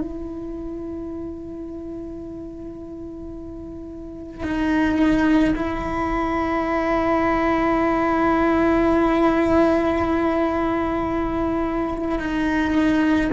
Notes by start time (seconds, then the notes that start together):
0.00 E4
4.43 D#4
5.55 E4
12.19 D#4